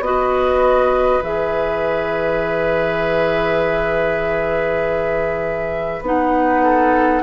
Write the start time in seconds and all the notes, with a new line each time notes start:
0.00 B3 F#4 B4 D#5
1.21 E3 G#4 E5
6.02 B3 D#4 F#5
6.63 A4